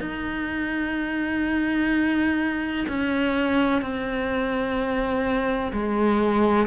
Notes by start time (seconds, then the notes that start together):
0.00 D#4
2.88 C#4
3.82 C4
5.72 G#3